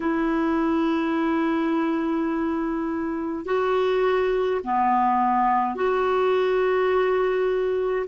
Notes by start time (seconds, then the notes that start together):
0.00 E4
3.45 F#4
4.64 B3
5.75 F#4